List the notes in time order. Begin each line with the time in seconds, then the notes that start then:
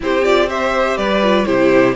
0.00 C4 E4 G4 C5
0.24 F4 D5
0.48 G4 C5 E5
0.97 G3 B4 D5
1.22 F4
1.45 C3 E4 G4 C5